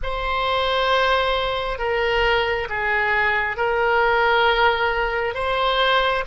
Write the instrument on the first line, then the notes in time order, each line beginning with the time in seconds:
oboe
0.02 C5
1.78 A#4
2.69 G#4
3.56 A#4
5.34 C5